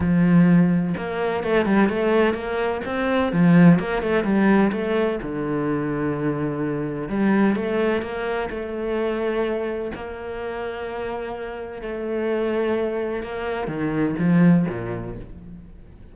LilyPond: \new Staff \with { instrumentName = "cello" } { \time 4/4 \tempo 4 = 127 f2 ais4 a8 g8 | a4 ais4 c'4 f4 | ais8 a8 g4 a4 d4~ | d2. g4 |
a4 ais4 a2~ | a4 ais2.~ | ais4 a2. | ais4 dis4 f4 ais,4 | }